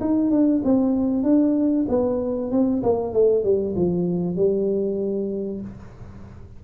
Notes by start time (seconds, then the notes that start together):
0.00 D#4
0.31 D4
0.64 C4
1.23 D4
1.88 B3
2.51 C4
2.83 A#3
3.13 A3
3.44 G3
3.75 F3
4.36 G3